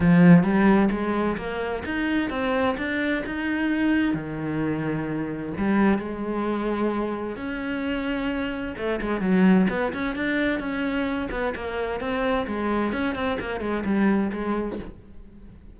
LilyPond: \new Staff \with { instrumentName = "cello" } { \time 4/4 \tempo 4 = 130 f4 g4 gis4 ais4 | dis'4 c'4 d'4 dis'4~ | dis'4 dis2. | g4 gis2. |
cis'2. a8 gis8 | fis4 b8 cis'8 d'4 cis'4~ | cis'8 b8 ais4 c'4 gis4 | cis'8 c'8 ais8 gis8 g4 gis4 | }